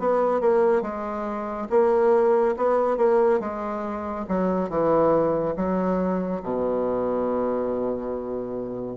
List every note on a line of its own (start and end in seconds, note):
0.00 0.41 B3
0.41 0.82 A#3
0.82 1.68 G#3
1.70 2.56 A#3
2.57 2.97 B3
2.97 3.40 A#3
3.41 4.26 G#3
4.29 4.70 F#3
4.70 5.56 E3
5.56 6.42 F#3
6.43 8.97 B2